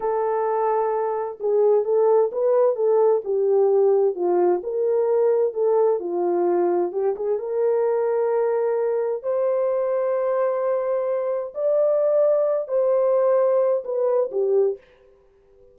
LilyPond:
\new Staff \with { instrumentName = "horn" } { \time 4/4 \tempo 4 = 130 a'2. gis'4 | a'4 b'4 a'4 g'4~ | g'4 f'4 ais'2 | a'4 f'2 g'8 gis'8 |
ais'1 | c''1~ | c''4 d''2~ d''8 c''8~ | c''2 b'4 g'4 | }